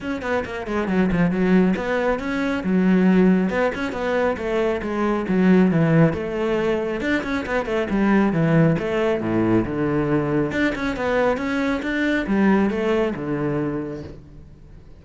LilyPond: \new Staff \with { instrumentName = "cello" } { \time 4/4 \tempo 4 = 137 cis'8 b8 ais8 gis8 fis8 f8 fis4 | b4 cis'4 fis2 | b8 cis'8 b4 a4 gis4 | fis4 e4 a2 |
d'8 cis'8 b8 a8 g4 e4 | a4 a,4 d2 | d'8 cis'8 b4 cis'4 d'4 | g4 a4 d2 | }